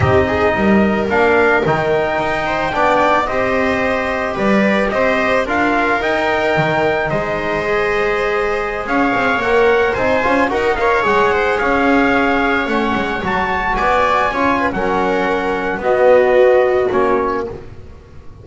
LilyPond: <<
  \new Staff \with { instrumentName = "trumpet" } { \time 4/4 \tempo 4 = 110 dis''2 f''4 g''4~ | g''2 dis''2 | d''4 dis''4 f''4 g''4~ | g''4 dis''2.~ |
dis''16 f''4 fis''4 gis''4 fis''8 f''16~ | f''16 fis''4 f''2 fis''8.~ | fis''16 a''4 gis''4.~ gis''16 fis''4~ | fis''4 dis''2 cis''4 | }
  \new Staff \with { instrumentName = "viola" } { \time 4/4 g'8 gis'8 ais'2.~ | ais'8 c''8 d''4 c''2 | b'4 c''4 ais'2~ | ais'4 c''2.~ |
c''16 cis''2 c''4 ais'8 cis''16~ | cis''8. c''8 cis''2~ cis''8.~ | cis''4~ cis''16 d''4 cis''8 b'16 ais'4~ | ais'4 fis'2. | }
  \new Staff \with { instrumentName = "trombone" } { \time 4/4 dis'2 d'4 dis'4~ | dis'4 d'4 g'2~ | g'2 f'4 dis'4~ | dis'2 gis'2~ |
gis'4~ gis'16 ais'4 dis'8 f'8 fis'8 ais'16~ | ais'16 gis'2. cis'8.~ | cis'16 fis'2 f'8. cis'4~ | cis'4 b2 cis'4 | }
  \new Staff \with { instrumentName = "double bass" } { \time 4/4 c'4 g4 ais4 dis4 | dis'4 b4 c'2 | g4 c'4 d'4 dis'4 | dis4 gis2.~ |
gis16 cis'8 c'8 ais4 c'8 cis'8 dis'8.~ | dis'16 gis4 cis'2 a8 gis16~ | gis16 fis4 b4 cis'8. fis4~ | fis4 b2 ais4 | }
>>